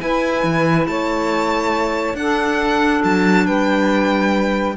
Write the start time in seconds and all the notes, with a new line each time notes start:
0.00 E4 B4 G#5
0.43 E3
0.86 A3 C#5 A5
2.13 D4 A4 F#5
3.03 F#3 A5
3.46 G3 B4 G5